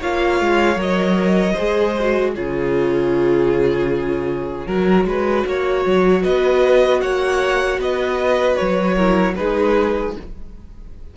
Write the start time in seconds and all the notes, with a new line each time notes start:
0.00 A#3 F4 C#5 F5
0.40 G#3
0.76 F#3 A#4 D#5
1.53 G#4 C5
1.59 G#3
2.00 F#4
2.35 C#3 F4 G#4 C#5
4.67 F#3 F#4 A#4
5.05 G#3 B4
5.46 A#3 C#5
5.86 F#3
6.23 B3 B4 D#5
7.01 A#3 C#5 F#5
7.78 B3 B4 D#5
8.57 F#3 C#5
8.95 E4 A#4
9.36 G#3 D#4 G#4 B4